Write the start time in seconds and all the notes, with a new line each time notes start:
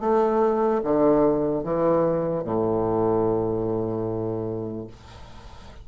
0.00 A3
0.84 D3
1.64 E3
2.44 A2